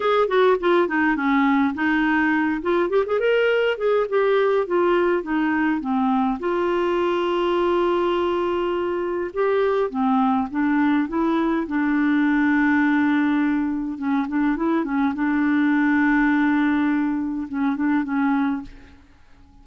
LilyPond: \new Staff \with { instrumentName = "clarinet" } { \time 4/4 \tempo 4 = 103 gis'8 fis'8 f'8 dis'8 cis'4 dis'4~ | dis'8 f'8 g'16 gis'16 ais'4 gis'8 g'4 | f'4 dis'4 c'4 f'4~ | f'1 |
g'4 c'4 d'4 e'4 | d'1 | cis'8 d'8 e'8 cis'8 d'2~ | d'2 cis'8 d'8 cis'4 | }